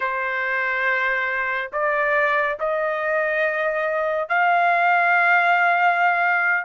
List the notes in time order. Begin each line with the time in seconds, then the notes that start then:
0.00 C5
1.72 D5
2.59 D#5
4.28 F5